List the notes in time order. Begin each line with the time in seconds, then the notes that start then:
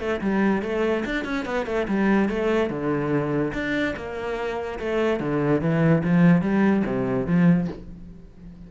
0.00 A3
0.21 G3
0.62 A3
1.06 D4
1.25 C#4
1.46 B3
1.66 A3
1.88 G3
2.29 A3
2.70 D3
3.53 D4
3.96 A#3
4.79 A3
5.20 D3
5.61 E3
6.04 F3
6.42 G3
6.86 C3
7.27 F3